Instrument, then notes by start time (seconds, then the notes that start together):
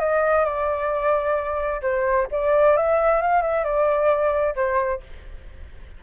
flute
0.00 D#5
0.45 D5
1.82 C5
2.32 D5
2.77 E5
3.22 F5
3.42 E5
3.64 D5
4.55 C5